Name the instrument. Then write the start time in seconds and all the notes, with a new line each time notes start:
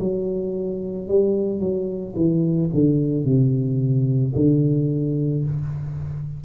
tuba
0.00 F#3
1.08 G3
1.60 F#3
2.16 E3
2.74 D3
3.25 C3
4.35 D3